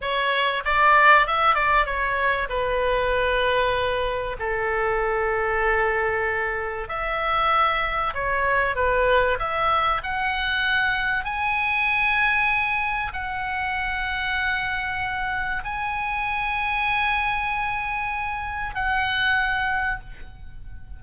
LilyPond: \new Staff \with { instrumentName = "oboe" } { \time 4/4 \tempo 4 = 96 cis''4 d''4 e''8 d''8 cis''4 | b'2. a'4~ | a'2. e''4~ | e''4 cis''4 b'4 e''4 |
fis''2 gis''2~ | gis''4 fis''2.~ | fis''4 gis''2.~ | gis''2 fis''2 | }